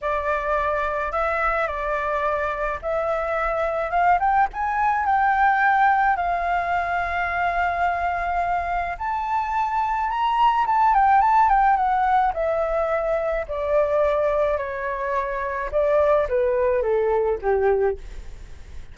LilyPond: \new Staff \with { instrumentName = "flute" } { \time 4/4 \tempo 4 = 107 d''2 e''4 d''4~ | d''4 e''2 f''8 g''8 | gis''4 g''2 f''4~ | f''1 |
a''2 ais''4 a''8 g''8 | a''8 g''8 fis''4 e''2 | d''2 cis''2 | d''4 b'4 a'4 g'4 | }